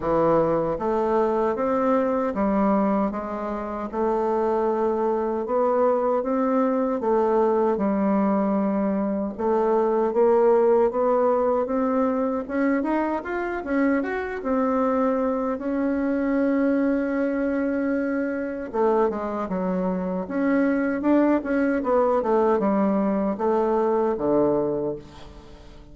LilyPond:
\new Staff \with { instrumentName = "bassoon" } { \time 4/4 \tempo 4 = 77 e4 a4 c'4 g4 | gis4 a2 b4 | c'4 a4 g2 | a4 ais4 b4 c'4 |
cis'8 dis'8 f'8 cis'8 fis'8 c'4. | cis'1 | a8 gis8 fis4 cis'4 d'8 cis'8 | b8 a8 g4 a4 d4 | }